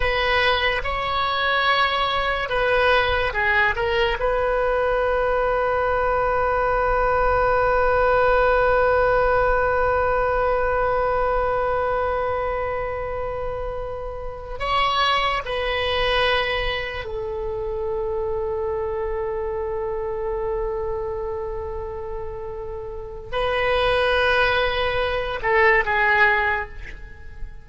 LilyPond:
\new Staff \with { instrumentName = "oboe" } { \time 4/4 \tempo 4 = 72 b'4 cis''2 b'4 | gis'8 ais'8 b'2.~ | b'1~ | b'1~ |
b'4. cis''4 b'4.~ | b'8 a'2.~ a'8~ | a'1 | b'2~ b'8 a'8 gis'4 | }